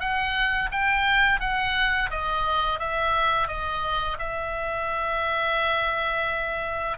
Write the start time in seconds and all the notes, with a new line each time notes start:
0.00 F#5
0.71 G5
1.40 F#5
2.10 D#5
2.79 E5
3.48 D#5
4.19 E5